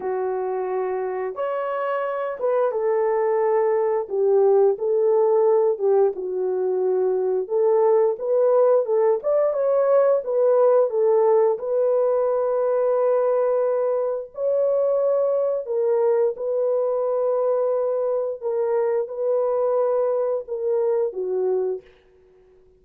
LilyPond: \new Staff \with { instrumentName = "horn" } { \time 4/4 \tempo 4 = 88 fis'2 cis''4. b'8 | a'2 g'4 a'4~ | a'8 g'8 fis'2 a'4 | b'4 a'8 d''8 cis''4 b'4 |
a'4 b'2.~ | b'4 cis''2 ais'4 | b'2. ais'4 | b'2 ais'4 fis'4 | }